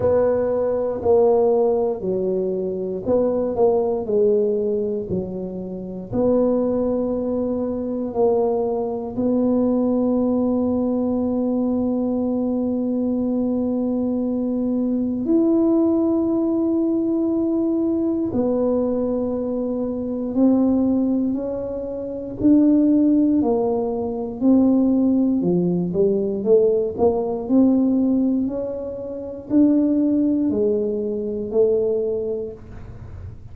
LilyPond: \new Staff \with { instrumentName = "tuba" } { \time 4/4 \tempo 4 = 59 b4 ais4 fis4 b8 ais8 | gis4 fis4 b2 | ais4 b2.~ | b2. e'4~ |
e'2 b2 | c'4 cis'4 d'4 ais4 | c'4 f8 g8 a8 ais8 c'4 | cis'4 d'4 gis4 a4 | }